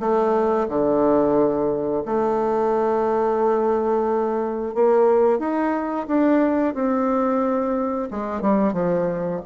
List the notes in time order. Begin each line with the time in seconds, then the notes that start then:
0.00 A3
0.69 D3
2.06 A3
4.75 A#3
5.39 D#4
6.08 D4
6.74 C4
8.11 G#3
8.42 G3
8.73 F3